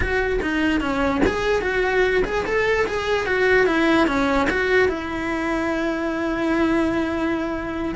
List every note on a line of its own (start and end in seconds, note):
0.00 0.39 F#4
0.41 0.80 D#4
0.80 1.21 C#4
1.26 1.61 G#4
1.61 2.23 F#4
2.24 2.44 G#4
2.45 2.86 A4
2.86 3.26 G#4
3.26 3.66 F#4
3.66 4.07 E4
4.07 4.47 C#4
4.50 4.88 F#4
4.88 7.94 E4